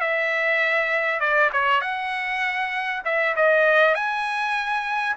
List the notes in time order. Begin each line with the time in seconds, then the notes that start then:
0.00 E5
1.19 D5
1.52 C#5
1.81 F#5
3.04 E5
3.36 D#5
3.94 G#5